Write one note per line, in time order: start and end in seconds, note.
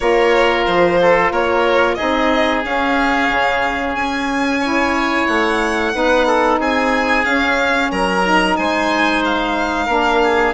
0.00 0.66 A#3
0.00 1.97 F4
0.00 1.00 A#4
0.00 0.64 C#5
0.66 1.31 F3
0.66 1.32 C5
1.01 1.31 A4
1.31 1.97 A#3
1.31 1.96 A#4
1.31 1.95 C#5
1.95 2.63 D#4
1.95 4.60 G#4
1.95 2.60 D#5
2.01 2.64 C4
2.64 3.29 C#4
2.64 4.62 C#4
2.64 3.95 F5
3.29 3.93 C#3
3.93 5.25 C#4
3.93 5.27 G#5
4.60 5.92 E4
4.60 5.92 C#5
5.27 5.94 A3
5.27 6.58 F#5
5.92 6.59 B3
5.92 7.24 D#4
5.92 6.27 B4
6.27 6.59 A4
6.59 7.25 C4
6.59 7.91 G#4
6.59 7.24 G#5
7.24 7.91 C#4
7.24 8.23 C#4
7.24 7.90 F5
7.91 8.57 F#3
7.91 8.58 A#4
7.91 8.56 A#5
8.23 9.88 D#4
8.56 9.87 G#3
8.56 9.86 C5
8.56 9.22 G#5
9.25 10.53 F5
9.86 10.53 A#3
9.86 10.53 D4
9.86 10.19 A#4
10.23 10.53 G#4